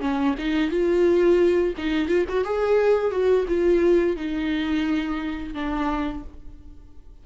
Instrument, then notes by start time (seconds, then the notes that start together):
viola
0.00 C#4
0.38 D#4
0.70 F4
1.77 D#4
2.08 F4
2.28 F#4
2.44 G#4
3.11 F#4
3.47 F4
4.16 D#4
5.54 D4